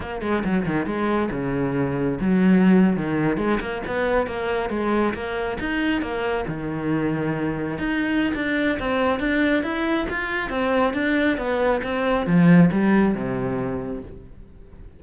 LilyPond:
\new Staff \with { instrumentName = "cello" } { \time 4/4 \tempo 4 = 137 ais8 gis8 fis8 dis8 gis4 cis4~ | cis4 fis4.~ fis16 dis4 gis16~ | gis16 ais8 b4 ais4 gis4 ais16~ | ais8. dis'4 ais4 dis4~ dis16~ |
dis4.~ dis16 dis'4~ dis'16 d'4 | c'4 d'4 e'4 f'4 | c'4 d'4 b4 c'4 | f4 g4 c2 | }